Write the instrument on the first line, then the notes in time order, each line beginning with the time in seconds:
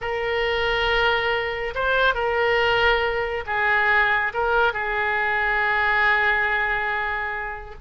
oboe
0.01 A#4
1.74 C5
2.14 A#4
3.46 G#4
4.33 A#4
4.73 G#4